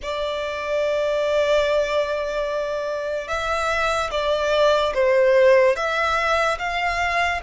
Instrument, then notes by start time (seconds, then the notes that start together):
violin
0.02 D5
3.28 E5
4.11 D5
4.94 C5
5.75 E5
6.58 F5